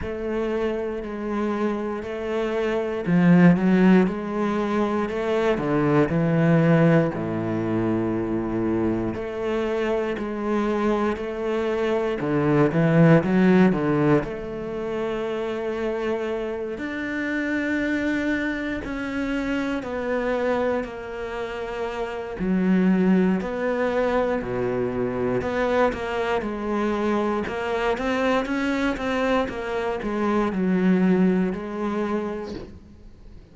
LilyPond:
\new Staff \with { instrumentName = "cello" } { \time 4/4 \tempo 4 = 59 a4 gis4 a4 f8 fis8 | gis4 a8 d8 e4 a,4~ | a,4 a4 gis4 a4 | d8 e8 fis8 d8 a2~ |
a8 d'2 cis'4 b8~ | b8 ais4. fis4 b4 | b,4 b8 ais8 gis4 ais8 c'8 | cis'8 c'8 ais8 gis8 fis4 gis4 | }